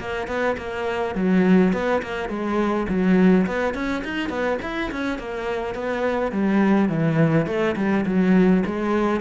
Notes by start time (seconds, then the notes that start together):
0.00 A#3
0.28 B3
0.57 A#3
1.15 F#3
1.73 B3
2.03 A#3
2.29 G#3
2.89 F#3
3.47 B3
3.74 C#4
4.05 D#4
4.30 B3
4.62 E4
4.92 C#4
5.19 A#3
5.75 B3
6.32 G3
6.89 E3
7.47 A3
7.76 G3
8.06 F#3
8.66 G#3